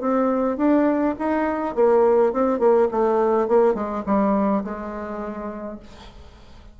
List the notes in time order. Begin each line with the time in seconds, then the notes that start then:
0.00 C4
0.57 D4
1.19 D#4
1.75 A#3
2.32 C4
2.59 A#3
2.91 A3
3.48 A#3
3.74 G#3
4.05 G3
4.64 G#3